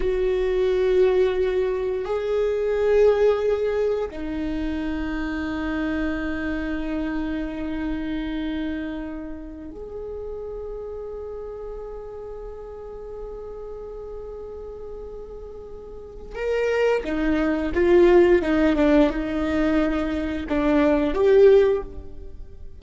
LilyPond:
\new Staff \with { instrumentName = "viola" } { \time 4/4 \tempo 4 = 88 fis'2. gis'4~ | gis'2 dis'2~ | dis'1~ | dis'2~ dis'16 gis'4.~ gis'16~ |
gis'1~ | gis'1 | ais'4 dis'4 f'4 dis'8 d'8 | dis'2 d'4 g'4 | }